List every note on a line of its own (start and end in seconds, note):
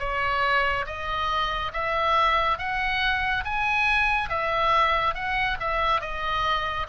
0.00 0.86 C#5
0.86 1.72 D#5
1.73 2.59 E5
2.59 3.44 F#5
3.45 4.30 G#5
4.30 5.15 E5
5.15 5.58 F#5
5.60 6.02 E5
6.02 6.87 D#5